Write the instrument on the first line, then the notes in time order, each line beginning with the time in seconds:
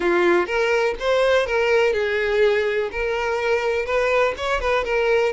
violin
0.00 F4
0.46 A#4
0.99 C5
1.46 A#4
1.93 G#4
2.91 A#4
3.85 B4
4.37 C#5
4.60 B4
4.84 A#4